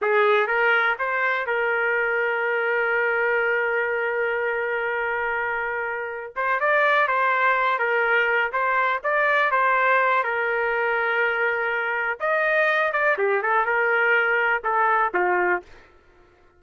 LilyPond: \new Staff \with { instrumentName = "trumpet" } { \time 4/4 \tempo 4 = 123 gis'4 ais'4 c''4 ais'4~ | ais'1~ | ais'1~ | ais'4 c''8 d''4 c''4. |
ais'4. c''4 d''4 c''8~ | c''4 ais'2.~ | ais'4 dis''4. d''8 g'8 a'8 | ais'2 a'4 f'4 | }